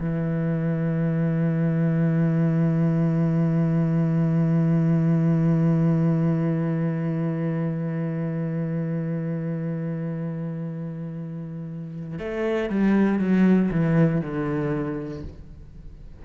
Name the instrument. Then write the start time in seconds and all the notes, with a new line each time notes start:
cello
0.00 E3
12.19 A3
12.70 G3
13.19 F#3
13.71 E3
14.21 D3